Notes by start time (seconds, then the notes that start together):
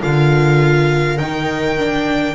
0.00 D3 F4 A#4 F5
1.19 D#3 D#4 G5
1.79 D4